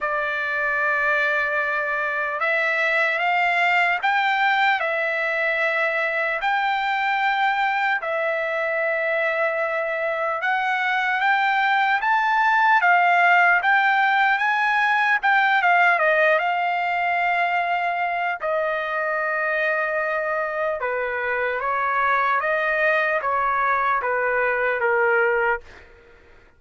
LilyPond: \new Staff \with { instrumentName = "trumpet" } { \time 4/4 \tempo 4 = 75 d''2. e''4 | f''4 g''4 e''2 | g''2 e''2~ | e''4 fis''4 g''4 a''4 |
f''4 g''4 gis''4 g''8 f''8 | dis''8 f''2~ f''8 dis''4~ | dis''2 b'4 cis''4 | dis''4 cis''4 b'4 ais'4 | }